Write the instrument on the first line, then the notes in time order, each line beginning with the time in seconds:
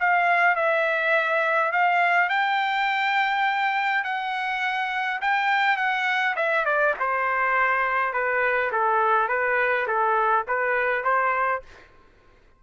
trumpet
0.00 F5
0.56 E5
1.72 F5
2.29 G5
4.04 F#5
5.21 G5
5.77 F#5
6.36 E5
6.65 D5
6.99 C5
8.13 B4
8.72 A4
9.28 B4
9.87 A4
10.48 B4
11.04 C5